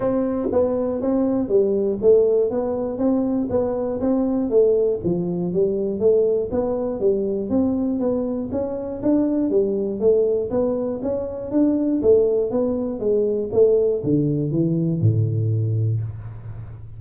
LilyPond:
\new Staff \with { instrumentName = "tuba" } { \time 4/4 \tempo 4 = 120 c'4 b4 c'4 g4 | a4 b4 c'4 b4 | c'4 a4 f4 g4 | a4 b4 g4 c'4 |
b4 cis'4 d'4 g4 | a4 b4 cis'4 d'4 | a4 b4 gis4 a4 | d4 e4 a,2 | }